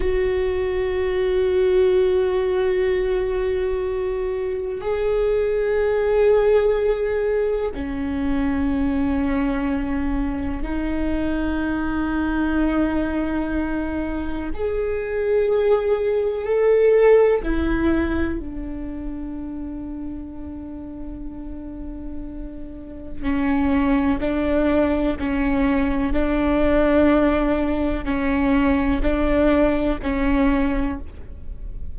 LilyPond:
\new Staff \with { instrumentName = "viola" } { \time 4/4 \tempo 4 = 62 fis'1~ | fis'4 gis'2. | cis'2. dis'4~ | dis'2. gis'4~ |
gis'4 a'4 e'4 d'4~ | d'1 | cis'4 d'4 cis'4 d'4~ | d'4 cis'4 d'4 cis'4 | }